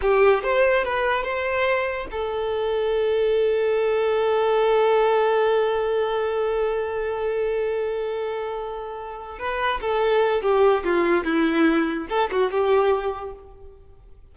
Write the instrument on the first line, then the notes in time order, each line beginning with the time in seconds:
violin
0.01 G4
0.43 C5
0.84 B4
1.23 C5
2.11 A4
9.38 B4
9.81 A4
10.41 G4
10.84 F4
11.24 E4
12.09 A4
12.31 F#4
12.51 G4